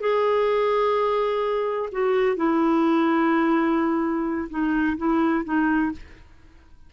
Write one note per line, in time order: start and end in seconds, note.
0.00 1.89 G#4
1.92 2.36 F#4
2.36 4.48 E4
4.49 4.97 D#4
4.97 5.44 E4
5.44 5.91 D#4